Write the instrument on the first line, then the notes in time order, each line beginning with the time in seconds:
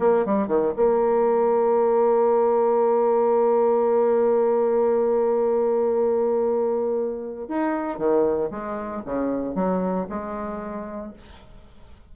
bassoon
0.00 A#3
0.26 G3
0.48 D#3
0.77 A#3
7.48 D#4
7.98 D#3
8.51 G#3
9.06 C#3
9.55 F#3
10.10 G#3